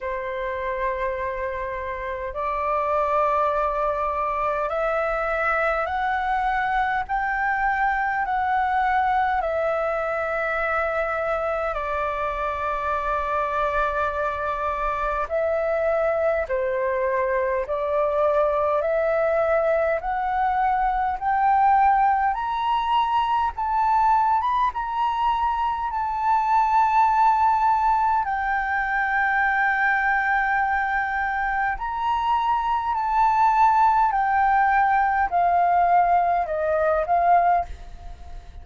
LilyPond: \new Staff \with { instrumentName = "flute" } { \time 4/4 \tempo 4 = 51 c''2 d''2 | e''4 fis''4 g''4 fis''4 | e''2 d''2~ | d''4 e''4 c''4 d''4 |
e''4 fis''4 g''4 ais''4 | a''8. b''16 ais''4 a''2 | g''2. ais''4 | a''4 g''4 f''4 dis''8 f''8 | }